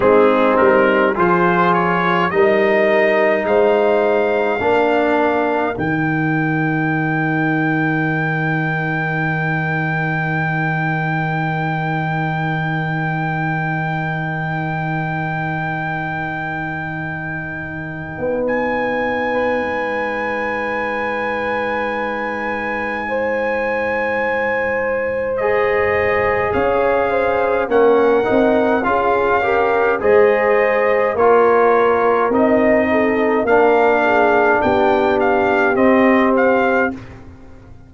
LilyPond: <<
  \new Staff \with { instrumentName = "trumpet" } { \time 4/4 \tempo 4 = 52 gis'8 ais'8 c''8 cis''8 dis''4 f''4~ | f''4 g''2.~ | g''1~ | g''1 |
gis''1~ | gis''2 dis''4 f''4 | fis''4 f''4 dis''4 cis''4 | dis''4 f''4 g''8 f''8 dis''8 f''8 | }
  \new Staff \with { instrumentName = "horn" } { \time 4/4 dis'4 gis'4 ais'4 c''4 | ais'1~ | ais'1~ | ais'1~ |
ais'8. b'2.~ b'16 | c''2. cis''8 c''8 | ais'4 gis'8 ais'8 c''4 ais'4~ | ais'8 a'8 ais'8 gis'8 g'2 | }
  \new Staff \with { instrumentName = "trombone" } { \time 4/4 c'4 f'4 dis'2 | d'4 dis'2.~ | dis'1~ | dis'1~ |
dis'1~ | dis'2 gis'2 | cis'8 dis'8 f'8 g'8 gis'4 f'4 | dis'4 d'2 c'4 | }
  \new Staff \with { instrumentName = "tuba" } { \time 4/4 gis8 g8 f4 g4 gis4 | ais4 dis2.~ | dis1~ | dis2.~ dis8. b16~ |
b4 gis2.~ | gis2. cis'4 | ais8 c'8 cis'4 gis4 ais4 | c'4 ais4 b4 c'4 | }
>>